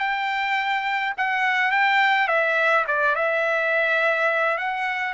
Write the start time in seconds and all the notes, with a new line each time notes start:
0.00 G5
1.18 F#5
1.72 G5
2.28 E5
2.88 D5
3.16 E5
4.58 F#5